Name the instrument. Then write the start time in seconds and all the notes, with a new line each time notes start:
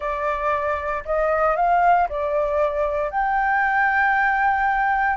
flute
0.00 D5
1.05 D#5
1.56 F5
2.09 D5
3.10 G5